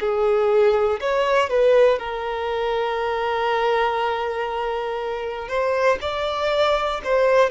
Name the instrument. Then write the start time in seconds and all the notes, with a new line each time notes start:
violin
0.00 G#4
1.00 C#5
1.50 B4
1.99 A#4
5.49 C5
6.01 D5
7.04 C5